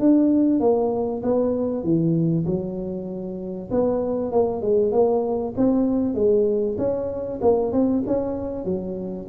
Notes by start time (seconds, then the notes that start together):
0.00 D4
0.61 A#3
1.23 B3
1.84 E3
2.47 F#3
3.71 B3
4.32 A#3
4.62 G#3
4.93 A#3
5.57 C4
6.15 G#3
6.78 C#4
7.42 A#3
7.73 C4
8.07 C#4
8.65 F#3